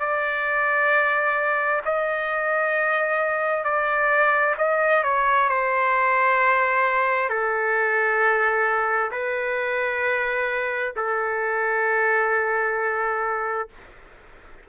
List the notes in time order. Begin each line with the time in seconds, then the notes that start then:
0.00 D5
1.86 D#5
3.64 D5
4.58 D#5
5.04 C#5
5.49 C5
7.30 A4
9.12 B4
10.97 A4